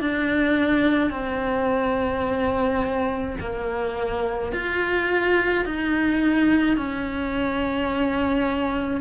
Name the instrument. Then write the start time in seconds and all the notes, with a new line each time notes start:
cello
0.00 D4
1.11 C4
3.40 A#3
4.52 F4
5.65 D#4
6.77 C#4